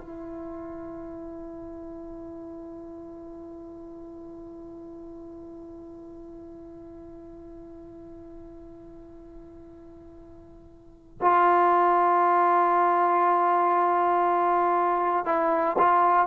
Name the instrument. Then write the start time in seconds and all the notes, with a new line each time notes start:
trombone
0.00 E4
11.20 F4
15.25 E4
15.78 F4